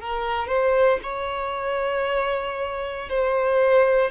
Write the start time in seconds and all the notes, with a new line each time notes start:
0.00 A#4
0.47 C5
1.03 C#5
3.09 C5